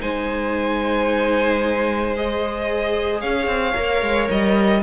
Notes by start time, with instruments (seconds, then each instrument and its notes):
0.00 cello G#3, viola D#4, violin C5 G#5
2.16 viola G#4, violin D#5
3.21 cello C#4, violin C#5 F5
3.46 cello C4
3.74 cello A#3, viola A#4
4.02 cello G#3
4.31 cello G3, violin D#5